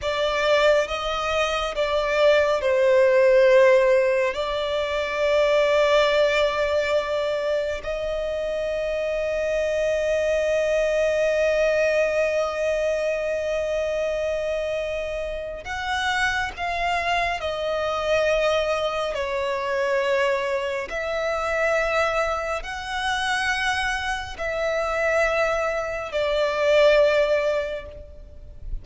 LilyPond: \new Staff \with { instrumentName = "violin" } { \time 4/4 \tempo 4 = 69 d''4 dis''4 d''4 c''4~ | c''4 d''2.~ | d''4 dis''2.~ | dis''1~ |
dis''2 fis''4 f''4 | dis''2 cis''2 | e''2 fis''2 | e''2 d''2 | }